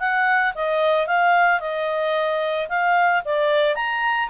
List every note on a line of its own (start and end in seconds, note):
0.00 0.54 F#5
0.55 1.07 D#5
1.07 1.60 F5
1.60 2.68 D#5
2.69 3.23 F5
3.25 3.76 D5
3.76 4.30 A#5